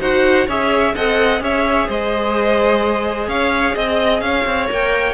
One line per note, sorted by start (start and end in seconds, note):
0.00 0.47 D#4
0.00 0.47 F#4
0.00 0.47 C5
0.00 0.48 F#5
0.47 0.95 C#4
0.47 0.96 G#4
0.47 0.94 C#5
0.47 0.96 E5
0.95 1.41 C4
0.95 1.40 A4
0.95 1.42 D#5
0.95 1.42 F#5
1.40 1.88 C#4
1.40 4.67 G#4
1.40 1.88 C#5
1.40 1.90 E5
1.88 3.28 G#3
1.88 3.28 C5
1.88 3.29 D#5
3.28 3.75 C#4
3.28 3.75 C#5
3.28 3.75 F5
3.75 4.21 C4
3.75 4.22 D#5
3.75 4.21 D#5
4.21 4.45 C#4
4.21 5.14 C#5
4.21 4.67 F5
4.46 4.69 C4
4.67 5.14 A#3
4.67 5.14 A#4
4.67 5.14 G5